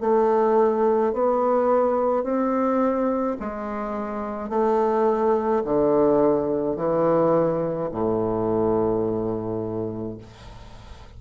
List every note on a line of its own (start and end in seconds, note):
0.00 1.13 A3
1.13 2.23 B3
2.23 3.36 C4
3.40 4.49 G#3
4.49 5.62 A3
5.64 6.76 D3
6.76 7.89 E3
7.91 10.18 A2